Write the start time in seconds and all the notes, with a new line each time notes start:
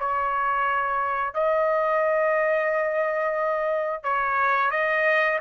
0.00 C#5
1.35 D#5
4.04 C#5
4.71 D#5